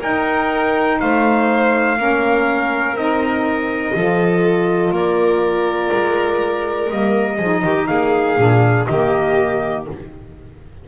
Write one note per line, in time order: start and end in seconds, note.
0.00 1.97 D#4
0.00 1.01 D#4
0.00 0.98 A#4
0.00 1.00 G5
1.00 1.98 A3
1.00 1.99 C5
1.00 2.97 F5
1.97 2.94 A#3
1.97 2.96 C#4
1.97 3.96 A#4
2.94 3.92 C4
2.94 3.94 D#4
2.94 4.94 D#5
3.94 4.91 F3
3.94 6.88 F4
3.94 4.94 A4
4.91 5.90 A#3
4.91 7.36 A#4
4.91 6.91 D5
5.92 6.91 G#3
6.88 7.39 G3
6.88 7.37 A#3
6.88 7.87 D#5
7.36 7.64 F3
7.36 8.38 D#4
7.36 7.61 G#4
7.64 7.89 D#3
7.64 7.89 G4
7.87 8.38 A#3
7.87 8.88 G#4
7.87 8.86 F5
8.38 8.87 A#2
8.38 8.87 D4
8.87 9.88 D#3
8.87 9.88 A#3
8.87 9.88 G4
8.87 9.85 D#5